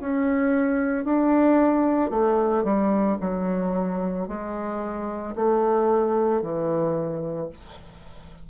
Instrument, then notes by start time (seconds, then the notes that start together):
bassoon
0.00 C#4
1.04 D4
2.10 A3
2.63 G3
3.20 F#3
4.27 G#3
5.35 A3
6.41 E3